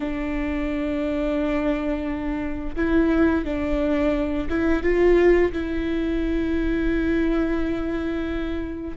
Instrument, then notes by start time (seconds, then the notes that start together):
viola
0.00 D4
2.76 E4
3.45 D4
4.49 E4
4.82 F4
5.52 E4